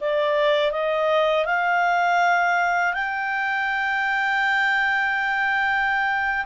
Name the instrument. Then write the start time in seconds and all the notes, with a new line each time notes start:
clarinet
0.00 D5
0.71 D#5
1.45 F5
2.94 G5